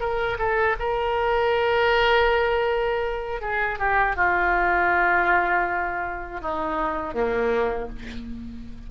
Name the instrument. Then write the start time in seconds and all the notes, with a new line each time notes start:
oboe
0.00 A#4
0.38 A4
0.79 A#4
3.41 G#4
3.79 G4
4.16 F4
6.41 D#4
7.14 A#3